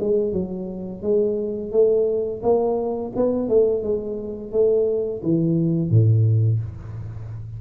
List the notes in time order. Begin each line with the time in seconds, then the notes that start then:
0.00 G#3
0.33 F#3
1.02 G#3
1.72 A3
2.43 A#3
3.16 B3
3.49 A3
3.83 G#3
4.52 A3
5.23 E3
5.90 A2